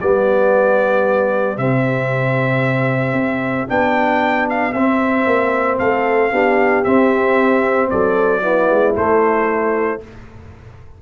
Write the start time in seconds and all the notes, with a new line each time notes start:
0.00 G3 B3 G4 D5
1.57 C3 C4 E5
3.12 C4
3.68 B3 D4 G5
4.49 F5
4.72 C4 E5
5.26 A#3
5.78 A3 A4 F5
6.32 B3 D4 G4
6.84 C4 E5
7.90 F#3 A4 D5
8.41 B3 E4
8.70 G#3
8.95 A3 C5